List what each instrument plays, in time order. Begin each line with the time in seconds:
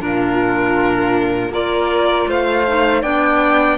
0.00 cello A#2, clarinet D4, flute F4, violin A#4
1.50 cello A#3, clarinet F4, flute A#4, violin D5
2.27 cello A3, flute C5, violin F5
2.68 clarinet D#4
3.02 cello B3, clarinet D4, flute D5, violin G5